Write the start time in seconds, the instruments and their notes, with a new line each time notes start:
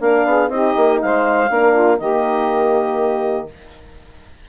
0.00 bassoon A#3, horn D4, saxophone A#4, clarinet F5
0.25 bassoon B3, saxophone G#4
0.49 bassoon C4, horn D#4, saxophone G4, clarinet D#5
0.76 bassoon A#3
1.01 bassoon G#3, saxophone C5, clarinet F5
1.50 bassoon A#3, horn D4, saxophone A#4
1.73 saxophone F4
1.99 bassoon D#3, horn A#3, saxophone G4, clarinet D#5